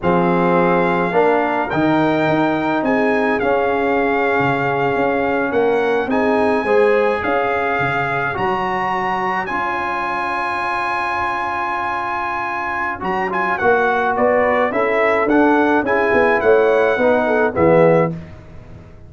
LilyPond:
<<
  \new Staff \with { instrumentName = "trumpet" } { \time 4/4 \tempo 4 = 106 f''2. g''4~ | g''4 gis''4 f''2~ | f''4.~ f''16 fis''4 gis''4~ gis''16~ | gis''8. f''2 ais''4~ ais''16~ |
ais''8. gis''2.~ gis''16~ | gis''2. ais''8 gis''8 | fis''4 d''4 e''4 fis''4 | gis''4 fis''2 e''4 | }
  \new Staff \with { instrumentName = "horn" } { \time 4/4 gis'2 ais'2~ | ais'4 gis'2.~ | gis'4.~ gis'16 ais'4 gis'4 c''16~ | c''8. cis''2.~ cis''16~ |
cis''1~ | cis''1~ | cis''4 b'4 a'2 | gis'4 cis''4 b'8 a'8 gis'4 | }
  \new Staff \with { instrumentName = "trombone" } { \time 4/4 c'2 d'4 dis'4~ | dis'2 cis'2~ | cis'2~ cis'8. dis'4 gis'16~ | gis'2~ gis'8. fis'4~ fis'16~ |
fis'8. f'2.~ f'16~ | f'2. fis'8 f'8 | fis'2 e'4 d'4 | e'2 dis'4 b4 | }
  \new Staff \with { instrumentName = "tuba" } { \time 4/4 f2 ais4 dis4 | dis'4 c'4 cis'4.~ cis'16 cis16~ | cis8. cis'4 ais4 c'4 gis16~ | gis8. cis'4 cis4 fis4~ fis16~ |
fis8. cis'2.~ cis'16~ | cis'2. fis4 | ais4 b4 cis'4 d'4 | cis'8 b8 a4 b4 e4 | }
>>